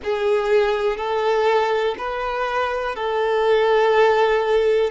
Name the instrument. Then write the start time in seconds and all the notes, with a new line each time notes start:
violin
0.03 G#4
0.97 A4
1.98 B4
2.95 A4